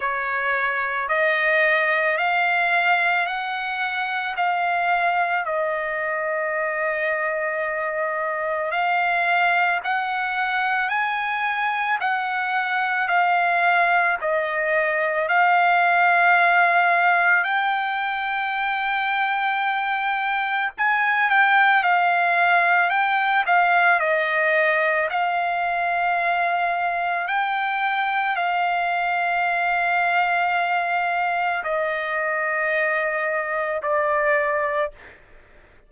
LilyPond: \new Staff \with { instrumentName = "trumpet" } { \time 4/4 \tempo 4 = 55 cis''4 dis''4 f''4 fis''4 | f''4 dis''2. | f''4 fis''4 gis''4 fis''4 | f''4 dis''4 f''2 |
g''2. gis''8 g''8 | f''4 g''8 f''8 dis''4 f''4~ | f''4 g''4 f''2~ | f''4 dis''2 d''4 | }